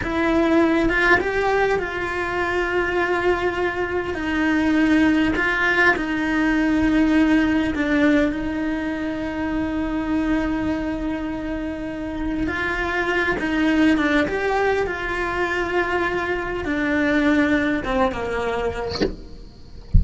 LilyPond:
\new Staff \with { instrumentName = "cello" } { \time 4/4 \tempo 4 = 101 e'4. f'8 g'4 f'4~ | f'2. dis'4~ | dis'4 f'4 dis'2~ | dis'4 d'4 dis'2~ |
dis'1~ | dis'4 f'4. dis'4 d'8 | g'4 f'2. | d'2 c'8 ais4. | }